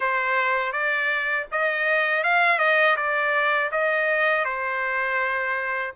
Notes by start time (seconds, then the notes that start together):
0.00 C5
0.72 D5
1.51 D#5
2.23 F5
2.59 D#5
2.96 D5
3.71 D#5
4.44 C5